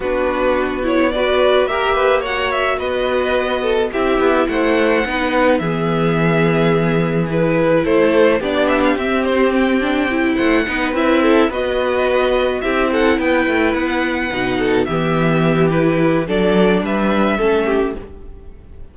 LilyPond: <<
  \new Staff \with { instrumentName = "violin" } { \time 4/4 \tempo 4 = 107 b'4. cis''8 d''4 e''4 | fis''8 e''8 dis''2 e''4 | fis''2 e''2~ | e''4 b'4 c''4 d''8 e''16 f''16 |
e''8 c''8 g''4. fis''4 e''8~ | e''8 dis''2 e''8 fis''8 g''8~ | g''8 fis''2 e''4. | b'4 d''4 e''2 | }
  \new Staff \with { instrumentName = "violin" } { \time 4/4 fis'2 b'4 ais'8 b'8 | cis''4 b'4. a'8 g'4 | c''4 b'4 gis'2~ | gis'2 a'4 g'4~ |
g'2~ g'8 c''8 b'4 | a'8 b'2 g'8 a'8 b'8~ | b'2 a'8 g'4.~ | g'4 a'4 b'4 a'8 g'8 | }
  \new Staff \with { instrumentName = "viola" } { \time 4/4 d'4. e'8 fis'4 g'4 | fis'2. e'4~ | e'4 dis'4 b2~ | b4 e'2 d'4 |
c'4. d'8 e'4 dis'8 e'8~ | e'8 fis'2 e'4.~ | e'4. dis'4 b4. | e'4 d'2 cis'4 | }
  \new Staff \with { instrumentName = "cello" } { \time 4/4 b2. ais4~ | ais4 b2 c'8 b8 | a4 b4 e2~ | e2 a4 b4 |
c'2~ c'8 a8 b8 c'8~ | c'8 b2 c'4 b8 | a8 b4 b,4 e4.~ | e4 fis4 g4 a4 | }
>>